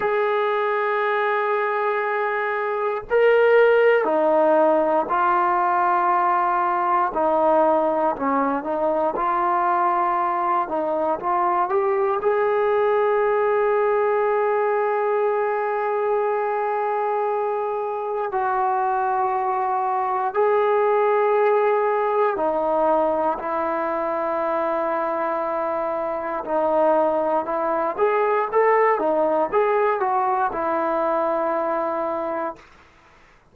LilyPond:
\new Staff \with { instrumentName = "trombone" } { \time 4/4 \tempo 4 = 59 gis'2. ais'4 | dis'4 f'2 dis'4 | cis'8 dis'8 f'4. dis'8 f'8 g'8 | gis'1~ |
gis'2 fis'2 | gis'2 dis'4 e'4~ | e'2 dis'4 e'8 gis'8 | a'8 dis'8 gis'8 fis'8 e'2 | }